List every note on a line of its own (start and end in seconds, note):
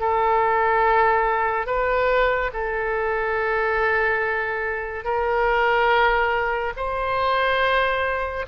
0.00 1.66 A4
1.66 2.51 B4
2.53 5.04 A4
5.04 6.73 A#4
6.76 8.45 C5